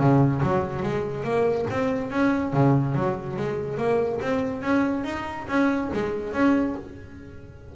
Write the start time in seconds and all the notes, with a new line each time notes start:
0.00 C#3
0.43 F#3
0.83 G#3
1.24 A#3
1.71 C4
2.11 C#4
2.54 C#3
2.96 F#3
3.37 G#3
3.78 A#3
4.22 C4
4.62 C#4
5.05 D#4
5.49 C#4
5.94 G#3
6.34 C#4